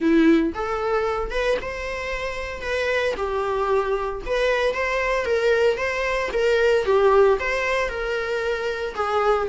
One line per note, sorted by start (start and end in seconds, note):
0.00 0.53 E4
0.54 1.30 A4
1.30 1.57 B4
1.61 2.61 C5
2.61 3.14 B4
3.16 4.22 G4
4.25 4.74 B4
4.74 5.25 C5
5.25 5.77 A#4
5.77 6.30 C5
6.32 6.85 A#4
6.85 7.38 G4
7.39 7.89 C5
7.89 8.94 A#4
8.94 9.47 G#4